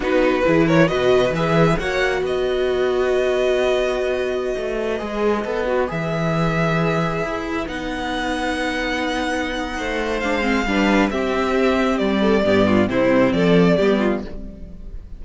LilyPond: <<
  \new Staff \with { instrumentName = "violin" } { \time 4/4 \tempo 4 = 135 b'4. cis''8 dis''4 e''4 | fis''4 dis''2.~ | dis''1~ | dis''4~ dis''16 e''2~ e''8.~ |
e''4~ e''16 fis''2~ fis''8.~ | fis''2. f''4~ | f''4 e''2 d''4~ | d''4 c''4 d''2 | }
  \new Staff \with { instrumentName = "violin" } { \time 4/4 fis'4 gis'8 ais'8 b'2 | cis''4 b'2.~ | b'1~ | b'1~ |
b'1~ | b'2 c''2 | b'4 g'2~ g'8 a'8 | g'8 f'8 e'4 a'4 g'8 f'8 | }
  \new Staff \with { instrumentName = "viola" } { \time 4/4 dis'4 e'4 fis'4 gis'4 | fis'1~ | fis'2.~ fis'16 gis'8.~ | gis'16 a'8 fis'8 gis'2~ gis'8.~ |
gis'4~ gis'16 dis'2~ dis'8.~ | dis'2. d'8 c'8 | d'4 c'2. | b4 c'2 b4 | }
  \new Staff \with { instrumentName = "cello" } { \time 4/4 b4 e4 b,4 e4 | ais4 b2.~ | b2~ b16 a4 gis8.~ | gis16 b4 e2~ e8.~ |
e16 e'4 b2~ b8.~ | b2 a4 gis4 | g4 c'2 g4 | g,4 c4 f4 g4 | }
>>